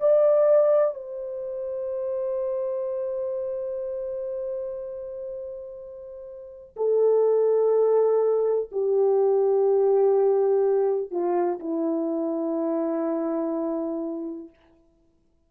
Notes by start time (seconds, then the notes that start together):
0.00 D5
0.95 C5
6.77 A4
8.71 G4
11.11 F4
11.60 E4